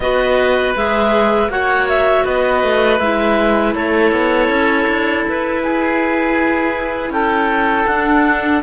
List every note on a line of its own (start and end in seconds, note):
0.00 0.74 B3
0.00 0.76 F#4
0.00 1.51 B4
0.00 0.75 D#5
0.76 1.48 G#3
0.76 1.49 G#4
0.76 1.50 E5
1.48 2.23 A#3
1.48 2.99 F#4
1.48 2.24 C#5
1.48 1.88 F#5
1.88 2.25 E5
2.24 2.63 B3
2.24 3.74 B4
2.24 2.98 D#5
2.63 2.99 A3
2.98 3.74 G#3
2.98 7.89 E4
2.98 3.73 E5
3.74 4.12 A3
3.74 5.62 A4
3.74 5.25 C#5
4.12 4.48 B3
4.48 4.86 C#4
4.87 5.24 D4
5.28 7.10 E4
5.28 7.11 B4
5.63 7.13 G#4
7.10 7.85 C#4
7.10 8.62 A4
7.10 7.86 G5
7.86 8.61 D4
7.86 8.62 D4
7.86 8.61 F#5